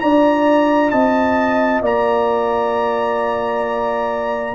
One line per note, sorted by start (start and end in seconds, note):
0.00 0.93 D4
0.00 4.55 F4
0.00 0.92 D5
0.00 0.91 A#5
0.91 1.82 C4
0.91 1.83 D#5
0.91 1.81 A5
1.82 4.55 A#3
1.82 4.55 D5
1.82 4.55 A#5